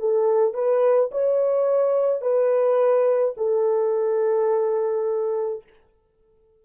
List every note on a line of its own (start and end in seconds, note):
0.00 0.54 A4
0.54 1.11 B4
1.12 2.22 C#5
2.22 3.35 B4
3.38 5.64 A4